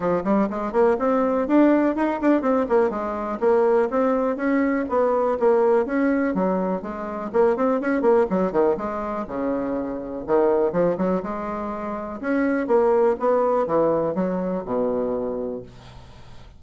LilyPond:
\new Staff \with { instrumentName = "bassoon" } { \time 4/4 \tempo 4 = 123 f8 g8 gis8 ais8 c'4 d'4 | dis'8 d'8 c'8 ais8 gis4 ais4 | c'4 cis'4 b4 ais4 | cis'4 fis4 gis4 ais8 c'8 |
cis'8 ais8 fis8 dis8 gis4 cis4~ | cis4 dis4 f8 fis8 gis4~ | gis4 cis'4 ais4 b4 | e4 fis4 b,2 | }